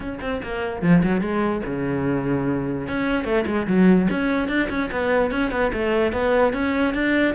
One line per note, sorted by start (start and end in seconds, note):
0.00 0.19 C#4
0.21 0.41 C4
0.43 0.82 A#3
0.82 1.02 F3
1.03 1.21 F#3
1.21 1.62 G#3
1.65 2.88 C#3
2.88 3.24 C#4
3.24 3.44 A3
3.46 3.67 G#3
3.67 4.07 F#3
4.10 4.48 C#4
4.48 4.68 D4
4.69 4.89 C#4
4.91 5.31 B3
5.31 5.51 C#4
5.51 5.71 B3
5.73 6.12 A3
6.12 6.53 B3
6.53 6.94 C#4
6.94 7.34 D4